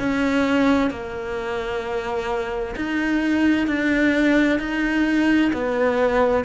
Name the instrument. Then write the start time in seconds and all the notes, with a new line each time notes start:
cello
0.00 C#4
0.91 A#3
2.77 D#4
3.68 D4
4.60 D#4
5.53 B3